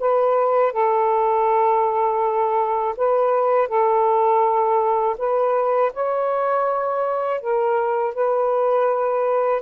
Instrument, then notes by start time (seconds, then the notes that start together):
saxophone
0.00 B4
0.73 A4
2.97 B4
3.68 A4
5.18 B4
5.93 C#5
7.41 A#4
8.14 B4